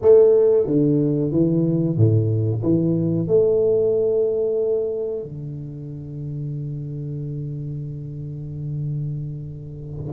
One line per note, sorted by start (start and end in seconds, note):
0.01 0.66 A3
0.66 1.31 D3
1.31 1.97 E3
1.97 2.62 A2
2.63 3.27 E3
3.27 5.23 A3
5.23 10.12 D3